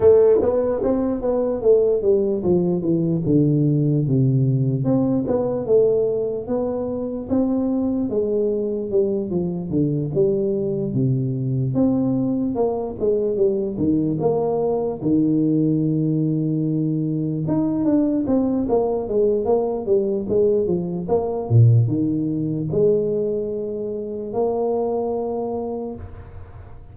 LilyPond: \new Staff \with { instrumentName = "tuba" } { \time 4/4 \tempo 4 = 74 a8 b8 c'8 b8 a8 g8 f8 e8 | d4 c4 c'8 b8 a4 | b4 c'4 gis4 g8 f8 | d8 g4 c4 c'4 ais8 |
gis8 g8 dis8 ais4 dis4.~ | dis4. dis'8 d'8 c'8 ais8 gis8 | ais8 g8 gis8 f8 ais8 ais,8 dis4 | gis2 ais2 | }